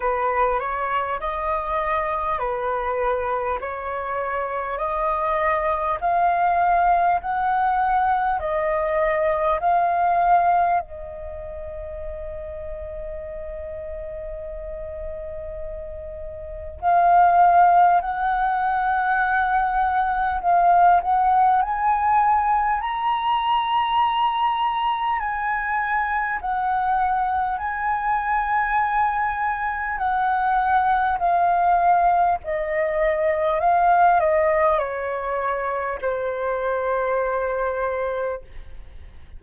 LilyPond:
\new Staff \with { instrumentName = "flute" } { \time 4/4 \tempo 4 = 50 b'8 cis''8 dis''4 b'4 cis''4 | dis''4 f''4 fis''4 dis''4 | f''4 dis''2.~ | dis''2 f''4 fis''4~ |
fis''4 f''8 fis''8 gis''4 ais''4~ | ais''4 gis''4 fis''4 gis''4~ | gis''4 fis''4 f''4 dis''4 | f''8 dis''8 cis''4 c''2 | }